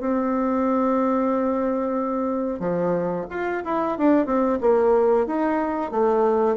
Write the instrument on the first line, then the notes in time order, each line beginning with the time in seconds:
bassoon
0.00 C4
2.60 F3
3.30 F4
3.65 E4
3.98 D4
4.26 C4
4.61 A#3
5.27 D#4
5.92 A3